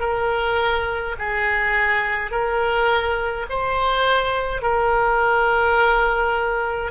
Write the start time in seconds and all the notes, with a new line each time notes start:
0.00 A#4
1.19 G#4
2.31 A#4
3.50 C5
4.62 A#4